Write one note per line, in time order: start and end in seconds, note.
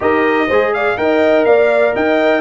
0.00 0.49 D#4
0.00 0.47 G4
0.00 0.47 A#4
0.00 0.73 D#5
0.47 0.97 G#3
0.47 0.97 G#4
0.47 0.72 C5
0.73 0.98 D5
0.73 0.97 F5
0.97 1.45 D#4
0.97 2.41 A#4
0.97 1.46 D#5
0.97 1.45 G5
1.45 1.94 A#3
1.45 1.94 D5
1.45 1.93 F5
1.94 2.41 D#4
1.94 2.41 D#5
1.94 2.41 G5